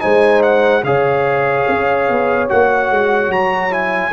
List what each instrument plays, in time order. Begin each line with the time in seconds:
0.00 tuba G#3, trombone D#4, horn C5, trumpet G#5
0.43 trumpet F#5
0.84 tuba C#3, trombone G#4, horn C#5, trumpet F5
1.69 tuba C#4
2.09 tuba B3
2.49 tuba A#3, trombone F#4, trumpet F#5
2.91 tuba G#3
3.29 tuba F#3, trumpet A#5
3.71 trombone E4, trumpet G#5